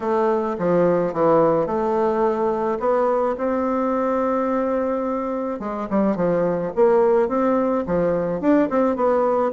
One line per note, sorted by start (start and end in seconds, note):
0.00 0.56 A3
0.58 1.13 F3
1.13 1.66 E3
1.66 2.78 A3
2.79 3.35 B3
3.37 5.59 C4
5.59 5.88 G#3
5.90 6.15 G3
6.15 6.71 F3
6.75 7.28 A#3
7.28 7.84 C4
7.86 8.41 F3
8.41 8.69 D4
8.69 8.95 C4
8.95 9.51 B3